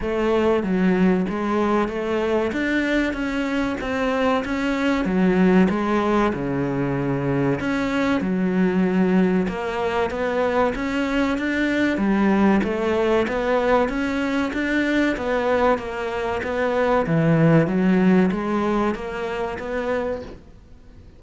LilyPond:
\new Staff \with { instrumentName = "cello" } { \time 4/4 \tempo 4 = 95 a4 fis4 gis4 a4 | d'4 cis'4 c'4 cis'4 | fis4 gis4 cis2 | cis'4 fis2 ais4 |
b4 cis'4 d'4 g4 | a4 b4 cis'4 d'4 | b4 ais4 b4 e4 | fis4 gis4 ais4 b4 | }